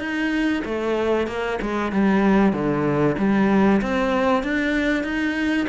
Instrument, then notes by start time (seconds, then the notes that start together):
cello
0.00 D#4
0.65 A3
1.28 A#3
1.62 G#3
1.93 G3
2.53 D3
3.18 G3
3.82 C4
4.44 D4
5.04 D#4